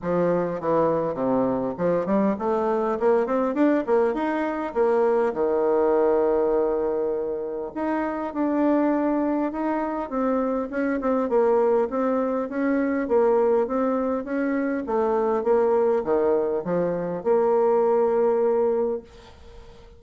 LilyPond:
\new Staff \with { instrumentName = "bassoon" } { \time 4/4 \tempo 4 = 101 f4 e4 c4 f8 g8 | a4 ais8 c'8 d'8 ais8 dis'4 | ais4 dis2.~ | dis4 dis'4 d'2 |
dis'4 c'4 cis'8 c'8 ais4 | c'4 cis'4 ais4 c'4 | cis'4 a4 ais4 dis4 | f4 ais2. | }